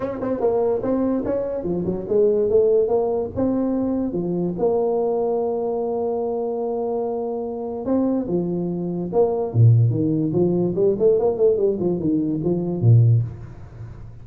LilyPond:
\new Staff \with { instrumentName = "tuba" } { \time 4/4 \tempo 4 = 145 cis'8 c'8 ais4 c'4 cis'4 | f8 fis8 gis4 a4 ais4 | c'2 f4 ais4~ | ais1~ |
ais2. c'4 | f2 ais4 ais,4 | dis4 f4 g8 a8 ais8 a8 | g8 f8 dis4 f4 ais,4 | }